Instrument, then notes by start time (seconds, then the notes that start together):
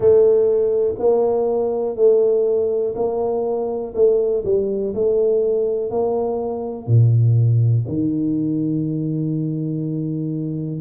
tuba
0.00 A3
0.98 A#3
1.96 A3
2.95 A#3
3.94 A3
4.44 G3
4.94 A3
5.90 A#3
6.86 A#2
7.87 D#3